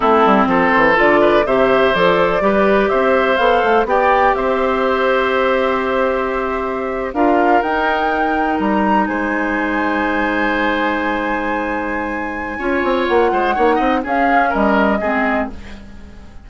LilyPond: <<
  \new Staff \with { instrumentName = "flute" } { \time 4/4 \tempo 4 = 124 a'4 c''4 d''4 e''4 | d''2 e''4 f''4 | g''4 e''2.~ | e''2~ e''8. f''4 g''16~ |
g''4.~ g''16 ais''4 gis''4~ gis''16~ | gis''1~ | gis''2. fis''4~ | fis''4 f''4 dis''2 | }
  \new Staff \with { instrumentName = "oboe" } { \time 4/4 e'4 a'4. b'8 c''4~ | c''4 b'4 c''2 | d''4 c''2.~ | c''2~ c''8. ais'4~ ais'16~ |
ais'2~ ais'8. c''4~ c''16~ | c''1~ | c''2 cis''4. c''8 | cis''8 dis''8 gis'4 ais'4 gis'4 | }
  \new Staff \with { instrumentName = "clarinet" } { \time 4/4 c'2 f'4 g'4 | a'4 g'2 a'4 | g'1~ | g'2~ g'8. f'4 dis'16~ |
dis'1~ | dis'1~ | dis'2 f'2 | dis'4 cis'2 c'4 | }
  \new Staff \with { instrumentName = "bassoon" } { \time 4/4 a8 g8 f8 e8 d4 c4 | f4 g4 c'4 b8 a8 | b4 c'2.~ | c'2~ c'8. d'4 dis'16~ |
dis'4.~ dis'16 g4 gis4~ gis16~ | gis1~ | gis2 cis'8 c'8 ais8 gis8 | ais8 c'8 cis'4 g4 gis4 | }
>>